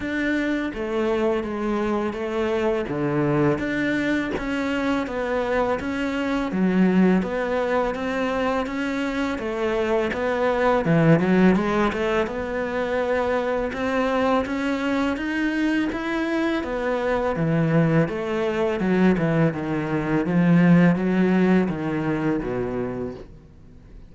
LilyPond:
\new Staff \with { instrumentName = "cello" } { \time 4/4 \tempo 4 = 83 d'4 a4 gis4 a4 | d4 d'4 cis'4 b4 | cis'4 fis4 b4 c'4 | cis'4 a4 b4 e8 fis8 |
gis8 a8 b2 c'4 | cis'4 dis'4 e'4 b4 | e4 a4 fis8 e8 dis4 | f4 fis4 dis4 b,4 | }